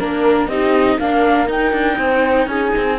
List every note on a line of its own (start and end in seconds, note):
0.00 0.48 A#3
0.00 0.50 D4
0.00 0.49 A#4
0.00 0.48 A#4
0.48 0.98 C4
0.48 1.01 D#4
0.48 0.98 G4
0.48 0.98 D#5
0.98 1.48 A#3
0.98 1.47 D4
0.98 1.98 A#4
0.98 1.49 F5
1.47 2.97 D#4
1.47 1.72 D#4
1.47 2.48 G5
1.72 1.97 D4
1.98 2.47 C4
1.98 2.49 C5
2.47 2.72 C#4
2.47 2.99 G#4
2.47 2.98 G#5
2.77 2.99 C4